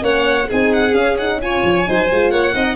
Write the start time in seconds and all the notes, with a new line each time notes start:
0.00 A#3 C#4 C#5 F#5
0.48 C4 D#4 G#4 G#5
0.73 F#5
0.93 C#4 F5
1.18 D#4 F#5
1.42 F4 C#5 G#5
1.64 F3
1.86 F#3 D#4 C5
2.11 G#3 F4
2.30 A#3 C#5 F#5
2.54 C4 D#4 D#5